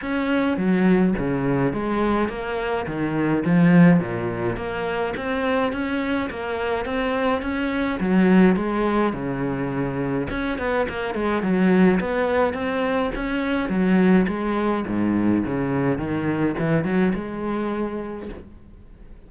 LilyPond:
\new Staff \with { instrumentName = "cello" } { \time 4/4 \tempo 4 = 105 cis'4 fis4 cis4 gis4 | ais4 dis4 f4 ais,4 | ais4 c'4 cis'4 ais4 | c'4 cis'4 fis4 gis4 |
cis2 cis'8 b8 ais8 gis8 | fis4 b4 c'4 cis'4 | fis4 gis4 gis,4 cis4 | dis4 e8 fis8 gis2 | }